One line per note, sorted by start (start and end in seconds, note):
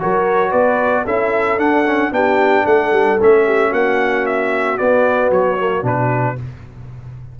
0.00 0.53 F#3
0.00 1.06 F#4
0.00 0.51 A#4
0.00 0.52 C#5
0.51 1.06 B3
0.51 1.04 B4
0.51 1.05 D5
1.05 1.57 C#4
1.05 1.58 E4
1.05 2.12 A4
1.05 1.60 E5
1.57 2.10 D4
1.57 1.85 D4
1.57 2.13 F#5
1.87 2.12 C#4
2.12 2.65 B3
2.12 3.18 D4
2.12 2.65 G4
2.12 2.67 G5
2.65 2.92 A3
2.65 3.44 A4
2.65 3.20 F#5
2.92 3.19 G3
3.21 3.72 A3
3.21 4.78 C#4
3.21 3.73 E5
3.46 3.70 G4
3.70 4.78 A#3
3.70 6.35 F#4
3.70 4.27 F#5
4.27 4.78 E5
4.78 5.58 B3
4.78 5.31 B3
4.78 5.31 D5
5.31 5.83 F#3
5.31 5.86 C#5
5.58 5.83 A#3
5.83 6.36 B2
5.83 6.36 D4
5.83 6.40 B4